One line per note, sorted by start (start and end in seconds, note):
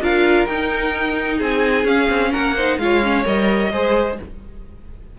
0.00 0.46 D4
0.00 0.48 F4
0.00 1.38 A#4
0.00 0.46 F5
0.46 1.40 D#4
0.46 1.86 D#4
0.46 1.39 G5
1.38 1.84 C4
1.38 2.30 G#4
1.38 1.87 G#5
1.84 2.07 C#4
1.84 2.55 C#4
1.84 2.33 F5
2.09 2.32 C4
2.32 2.78 A#3
2.32 2.55 A#4
2.32 2.78 F#5
2.56 2.80 D#4
2.56 2.79 C5
2.78 3.24 G#3
2.78 3.03 F4
2.78 3.72 C#5
2.78 3.25 F5
3.03 3.25 C#4
3.25 3.72 G3
3.25 3.71 A#4
3.25 4.19 D#5
3.72 4.18 G#3
3.72 4.19 G#4
3.72 4.18 C5